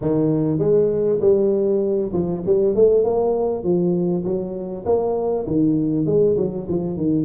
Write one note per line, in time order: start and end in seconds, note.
0.01 0.59 D#3
0.59 1.19 G#3
1.21 2.12 G3
2.13 2.43 F3
2.46 2.75 G3
2.75 3.03 A3
3.03 3.63 A#3
3.63 4.24 F3
4.24 4.85 F#3
4.85 5.46 A#3
5.46 6.06 D#3
6.06 6.36 G#3
6.37 6.67 F#3
6.69 6.97 F3
6.97 7.25 D#3